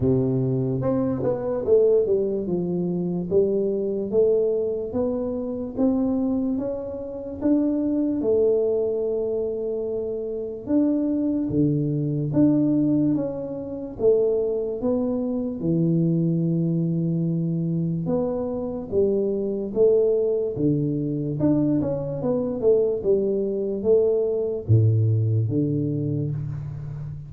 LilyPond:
\new Staff \with { instrumentName = "tuba" } { \time 4/4 \tempo 4 = 73 c4 c'8 b8 a8 g8 f4 | g4 a4 b4 c'4 | cis'4 d'4 a2~ | a4 d'4 d4 d'4 |
cis'4 a4 b4 e4~ | e2 b4 g4 | a4 d4 d'8 cis'8 b8 a8 | g4 a4 a,4 d4 | }